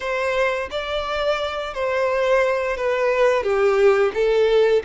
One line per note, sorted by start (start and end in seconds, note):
0.00 0.69 C5
0.71 1.73 D5
1.73 2.76 C5
2.76 3.43 B4
3.43 4.12 G4
4.13 4.82 A4